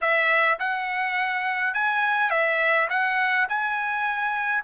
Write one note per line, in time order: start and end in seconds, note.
0.01 0.58 E5
0.59 1.74 F#5
1.74 2.30 G#5
2.30 2.88 E5
2.89 3.47 F#5
3.48 4.64 G#5